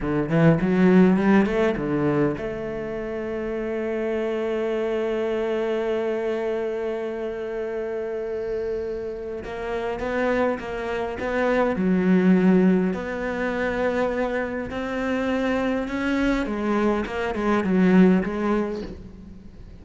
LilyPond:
\new Staff \with { instrumentName = "cello" } { \time 4/4 \tempo 4 = 102 d8 e8 fis4 g8 a8 d4 | a1~ | a1~ | a1 |
ais4 b4 ais4 b4 | fis2 b2~ | b4 c'2 cis'4 | gis4 ais8 gis8 fis4 gis4 | }